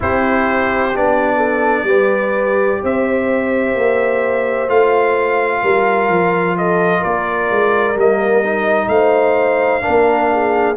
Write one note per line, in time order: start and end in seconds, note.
0.00 0.95 C4
0.00 0.93 E4
0.00 1.36 G4
0.00 0.96 C5
0.94 1.83 B3
0.94 1.88 D4
0.94 2.84 D5
1.36 1.83 A4
1.83 2.77 G3
1.83 4.68 G4
1.83 2.80 B4
2.83 3.74 C4
2.83 5.62 C5
2.83 4.69 E5
3.74 4.68 A#3
4.68 5.62 A3
4.68 7.96 F4
4.68 6.57 F5
5.62 6.08 G3
5.62 6.56 A#4
6.08 7.02 F3
6.57 6.99 A4
6.57 7.03 D#5
6.99 7.50 A#3
6.99 8.87 A#4
6.99 7.97 D5
7.50 7.95 G#3
7.95 8.88 G3
7.95 8.44 A#3
7.95 8.88 D#5
8.44 9.81 D#4
8.88 9.81 A3
8.88 9.83 C5
8.88 10.76 F5
9.81 10.75 D4
9.81 10.30 A#4
9.87 10.76 A#3
10.32 10.76 G#4